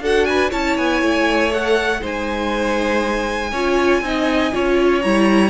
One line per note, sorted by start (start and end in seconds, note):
0.00 0.50 D4
0.00 0.51 F#4
0.00 0.27 A4
0.00 0.25 F#5
0.25 0.50 B4
0.25 0.50 G#5
0.50 0.77 C#4
0.50 1.51 E4
0.50 2.00 C#5
0.50 0.77 A5
0.77 1.02 B3
0.77 1.52 G#5
1.02 2.02 A3
1.51 2.00 A4
1.51 2.03 F#5
2.00 3.52 G#3
2.00 3.50 D#4
2.00 3.51 C5
2.00 5.01 G#5
3.51 4.00 C#4
3.51 4.03 F4
3.51 4.01 C#5
4.00 4.50 C4
4.00 4.52 D#4
4.00 4.53 D#5
4.52 5.04 C#4
4.52 5.02 F4
4.52 5.50 C#5
5.01 5.50 G3
5.01 5.50 E4
5.01 5.50 A#5